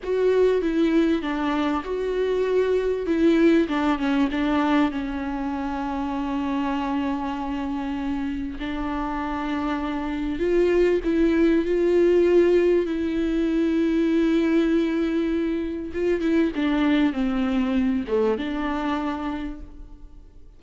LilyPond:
\new Staff \with { instrumentName = "viola" } { \time 4/4 \tempo 4 = 98 fis'4 e'4 d'4 fis'4~ | fis'4 e'4 d'8 cis'8 d'4 | cis'1~ | cis'2 d'2~ |
d'4 f'4 e'4 f'4~ | f'4 e'2.~ | e'2 f'8 e'8 d'4 | c'4. a8 d'2 | }